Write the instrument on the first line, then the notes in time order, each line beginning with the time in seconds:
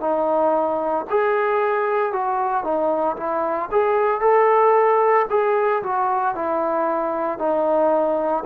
trombone
0.00 D#4
1.10 G#4
2.13 F#4
2.64 D#4
3.17 E4
3.71 G#4
4.21 A4
5.30 G#4
5.83 F#4
6.35 E4
7.39 D#4